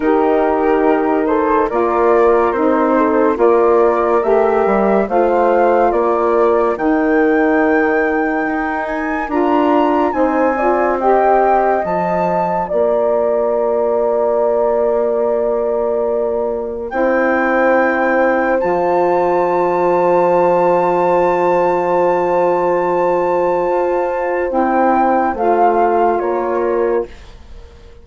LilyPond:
<<
  \new Staff \with { instrumentName = "flute" } { \time 4/4 \tempo 4 = 71 ais'4. c''8 d''4 c''4 | d''4 e''4 f''4 d''4 | g''2~ g''8 gis''8 ais''4 | gis''4 g''4 a''4 ais''4~ |
ais''1 | g''2 a''2~ | a''1~ | a''4 g''4 f''4 cis''4 | }
  \new Staff \with { instrumentName = "horn" } { \time 4/4 g'4. a'8 ais'4. a'8 | ais'2 c''4 ais'4~ | ais'1 | c''8 d''8 dis''2 d''4~ |
d''1 | c''1~ | c''1~ | c''2. ais'4 | }
  \new Staff \with { instrumentName = "saxophone" } { \time 4/4 dis'2 f'4 dis'4 | f'4 g'4 f'2 | dis'2. f'4 | dis'8 f'8 g'4 f'2~ |
f'1 | e'2 f'2~ | f'1~ | f'4 e'4 f'2 | }
  \new Staff \with { instrumentName = "bassoon" } { \time 4/4 dis2 ais4 c'4 | ais4 a8 g8 a4 ais4 | dis2 dis'4 d'4 | c'2 f4 ais4~ |
ais1 | c'2 f2~ | f1 | f'4 c'4 a4 ais4 | }
>>